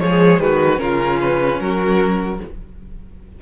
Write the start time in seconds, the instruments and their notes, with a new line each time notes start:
0.00 cello F3, viola G#3, violin G#4 C#5
0.40 cello D#3, violin F#4 B4
0.77 cello C#3, viola C#4, violin F4 A#4
1.21 violin B4
1.60 cello F#3, violin F#4 A#4